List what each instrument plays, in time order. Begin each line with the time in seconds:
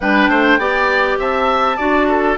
0.00 bassoon G3, clarinet D4, oboe B4, flute G5
0.28 bassoon A3, oboe C5
0.58 bassoon B3, clarinet G4, oboe D5
1.18 bassoon C4, oboe E5, flute A5
1.76 bassoon D4, clarinet F#4, oboe D5
2.08 oboe A4